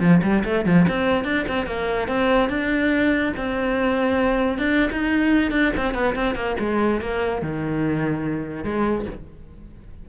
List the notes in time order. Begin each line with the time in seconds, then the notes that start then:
0.00 F3
0.23 G3
0.44 A3
0.65 F3
0.88 C4
1.24 D4
1.48 C4
1.66 A#3
2.08 C4
2.49 D4
3.37 C4
4.58 D4
4.92 D#4
5.51 D4
5.77 C4
5.94 B3
6.15 C4
6.35 A#3
6.59 G#3
7.01 A#3
7.42 D#3
8.64 G#3